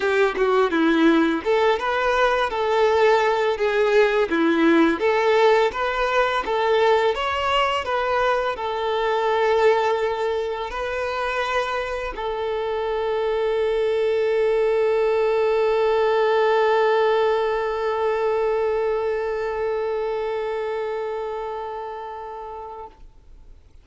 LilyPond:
\new Staff \with { instrumentName = "violin" } { \time 4/4 \tempo 4 = 84 g'8 fis'8 e'4 a'8 b'4 a'8~ | a'4 gis'4 e'4 a'4 | b'4 a'4 cis''4 b'4 | a'2. b'4~ |
b'4 a'2.~ | a'1~ | a'1~ | a'1 | }